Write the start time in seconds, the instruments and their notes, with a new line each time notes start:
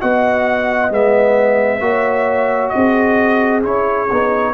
0.00 tuba B3, trombone F#4, horn D#5, trumpet F#5
0.91 tuba G#3, trombone B3, trumpet E5
1.81 tuba A#3, trombone F#4, horn C#5
2.70 tuba C4, horn G#4, trumpet D#5
3.63 tuba C#4, trombone E4, trumpet C#5
4.11 tuba B3, trombone D#4